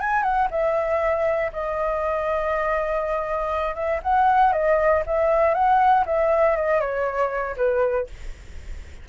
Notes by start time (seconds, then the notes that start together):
0.00 G#5
0.22 F#5
0.50 E5
1.52 D#5
3.75 E5
4.02 F#5
4.52 D#5
5.06 E5
5.54 F#5
6.05 E5
6.56 D#5
6.80 C#5
7.56 B4